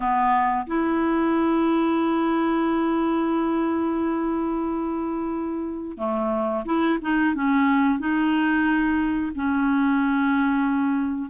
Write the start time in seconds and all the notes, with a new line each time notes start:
0.00 B3
0.67 E4
5.97 A3
6.65 E4
7.01 D#4
7.34 C#4
7.98 D#4
9.35 C#4